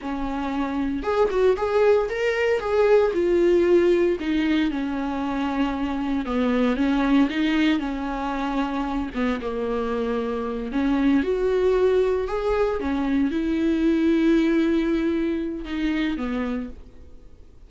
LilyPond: \new Staff \with { instrumentName = "viola" } { \time 4/4 \tempo 4 = 115 cis'2 gis'8 fis'8 gis'4 | ais'4 gis'4 f'2 | dis'4 cis'2. | b4 cis'4 dis'4 cis'4~ |
cis'4. b8 ais2~ | ais8 cis'4 fis'2 gis'8~ | gis'8 cis'4 e'2~ e'8~ | e'2 dis'4 b4 | }